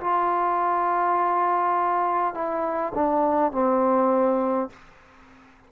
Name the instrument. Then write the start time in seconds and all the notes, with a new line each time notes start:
trombone
0.00 F4
2.34 E4
2.95 D4
3.52 C4